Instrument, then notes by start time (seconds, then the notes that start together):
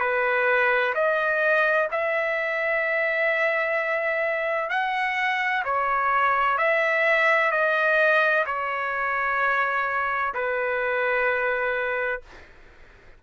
trumpet
0.00 B4
0.94 D#5
1.91 E5
4.70 F#5
5.65 C#5
6.58 E5
7.51 D#5
8.46 C#5
10.34 B4